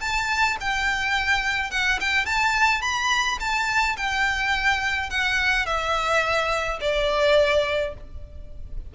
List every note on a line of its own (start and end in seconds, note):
0.00 0.57 A5
0.60 1.71 G5
1.71 1.99 F#5
2.00 2.26 G5
2.26 2.81 A5
2.81 3.38 B5
3.40 3.96 A5
3.96 5.10 G5
5.10 5.66 F#5
5.66 6.79 E5
6.81 7.94 D5